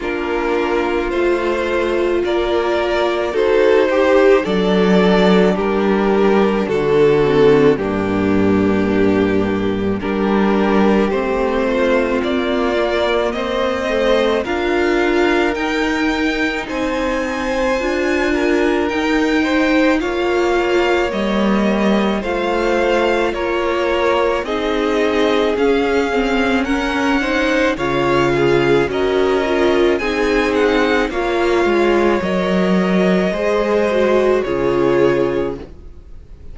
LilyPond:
<<
  \new Staff \with { instrumentName = "violin" } { \time 4/4 \tempo 4 = 54 ais'4 c''4 d''4 c''4 | d''4 ais'4 a'4 g'4~ | g'4 ais'4 c''4 d''4 | dis''4 f''4 g''4 gis''4~ |
gis''4 g''4 f''4 dis''4 | f''4 cis''4 dis''4 f''4 | fis''4 f''4 dis''4 gis''8 fis''8 | f''4 dis''2 cis''4 | }
  \new Staff \with { instrumentName = "violin" } { \time 4/4 f'2 ais'4 a'8 g'8 | a'4 g'4 fis'4 d'4~ | d'4 g'4. f'4. | c''4 ais'2 c''4~ |
c''8 ais'4 c''8 cis''2 | c''4 ais'4 gis'2 | ais'8 c''8 cis''8 gis'8 ais'4 gis'4 | cis''2 c''4 gis'4 | }
  \new Staff \with { instrumentName = "viola" } { \time 4/4 d'4 f'2 fis'8 g'8 | d'2~ d'8 c'8 ais4~ | ais4 d'4 c'4. ais8~ | ais8 a8 f'4 dis'2 |
f'4 dis'4 f'4 ais4 | f'2 dis'4 cis'8 c'8 | cis'8 dis'8 f'4 fis'8 f'8 dis'4 | f'4 ais'4 gis'8 fis'8 f'4 | }
  \new Staff \with { instrumentName = "cello" } { \time 4/4 ais4 a4 ais4 dis'4 | fis4 g4 d4 g,4~ | g,4 g4 a4 ais4 | c'4 d'4 dis'4 c'4 |
d'4 dis'4 ais4 g4 | a4 ais4 c'4 cis'4~ | cis'4 cis4 cis'4 c'4 | ais8 gis8 fis4 gis4 cis4 | }
>>